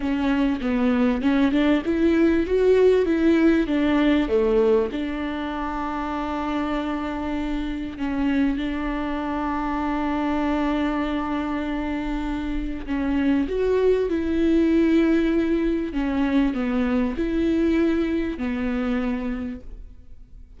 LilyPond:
\new Staff \with { instrumentName = "viola" } { \time 4/4 \tempo 4 = 98 cis'4 b4 cis'8 d'8 e'4 | fis'4 e'4 d'4 a4 | d'1~ | d'4 cis'4 d'2~ |
d'1~ | d'4 cis'4 fis'4 e'4~ | e'2 cis'4 b4 | e'2 b2 | }